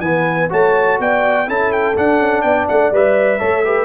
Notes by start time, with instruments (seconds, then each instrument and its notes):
0.00 tuba E3, trombone B3, horn B4, trumpet G#5
0.49 tuba A3, trombone F#4, horn C#5, trumpet A5
0.99 tuba B3, horn D5, trumpet G5
1.46 tuba C#4, trombone E4, horn A4, trumpet A5
1.72 trumpet G5
1.96 trombone D4, tuba D4, trumpet F#5
2.20 tuba C#4
2.42 tuba B3, horn D5, trumpet G5
2.68 tuba A3, trumpet F#5
2.91 tuba G3, trombone B4, trumpet E5
3.39 tuba A3, trombone A4, horn C#5
3.65 trombone G4, horn B4